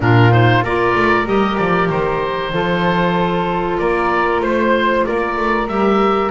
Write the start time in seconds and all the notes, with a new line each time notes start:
0.00 A#2 D4 F4 A#4
0.30 D#4 C5
0.62 A#3 F4 A#4 D5
0.94 A3
1.26 G3 G4 D#5
1.57 F3 D5
1.89 D#3 C5
2.52 F3 F4 A4
3.78 A#3 A#4 D5
4.39 A3 C5
5.06 A#3 A#4 D5
5.37 A3
5.67 G3 G4 E5